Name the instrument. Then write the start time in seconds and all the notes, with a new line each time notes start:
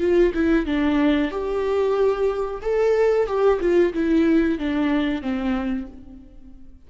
viola
0.00 F4
0.34 E4
0.66 D4
1.31 G4
2.61 A4
3.27 G4
3.60 F4
3.93 E4
4.58 D4
5.21 C4